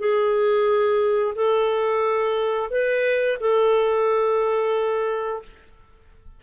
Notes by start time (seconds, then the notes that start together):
0.00 G#4
1.35 A4
2.71 B4
3.40 A4